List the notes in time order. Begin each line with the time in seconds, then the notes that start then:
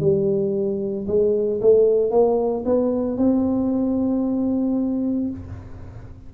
0.00 G3
1.07 G#3
1.61 A3
2.11 A#3
2.65 B3
3.18 C4